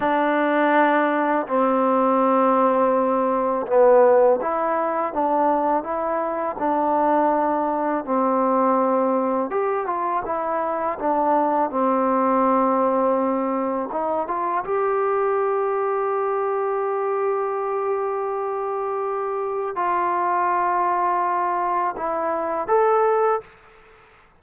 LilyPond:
\new Staff \with { instrumentName = "trombone" } { \time 4/4 \tempo 4 = 82 d'2 c'2~ | c'4 b4 e'4 d'4 | e'4 d'2 c'4~ | c'4 g'8 f'8 e'4 d'4 |
c'2. dis'8 f'8 | g'1~ | g'2. f'4~ | f'2 e'4 a'4 | }